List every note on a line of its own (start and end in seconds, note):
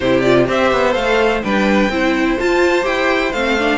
0.00 0.48 C3
0.00 0.24 E4
0.00 0.46 G4
0.00 0.20 C5
0.20 0.46 F4
0.20 0.44 D5
0.46 0.71 C4
0.46 0.91 G4
0.46 1.44 C5
0.46 0.94 E5
0.72 0.95 B3
0.91 1.43 A3
0.91 1.39 A4
0.91 1.41 F5
1.43 1.89 G3
1.43 1.90 D4
1.43 1.91 B4
1.43 2.39 G5
1.89 2.36 C4
1.89 2.39 E4
1.89 3.78 C5
2.39 2.82 F4
2.39 2.85 F4
2.39 2.85 A5
2.82 3.32 E4
2.82 3.30 G4
2.82 3.32 G5
3.32 3.78 A3
3.32 3.58 C4
3.32 3.78 F5
3.58 3.78 D4